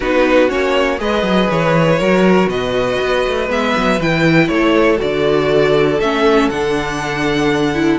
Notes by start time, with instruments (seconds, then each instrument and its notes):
0.00 cello B3, viola D#4, violin F#4 B4
0.49 cello A#3, viola C#4, violin C#5
0.98 cello G#3, viola G#4, violin B4 D#5
1.22 cello F#3
1.50 cello E3, violin C#5
1.99 cello F#3, viola F#4, violin A#4
2.46 cello B2, violin B4 D#5
3.01 cello B3
3.27 cello A3
3.48 cello G#3, viola B3, violin E5
3.76 cello F#3
3.99 cello E3, viola E4, violin G5
4.47 cello A3, violin A4 C#5
4.97 cello D3, viola F#4, violin D5
5.99 cello A3, viola C#4, violin E5
6.49 cello D3, viola D4, violin F#5
7.74 viola E4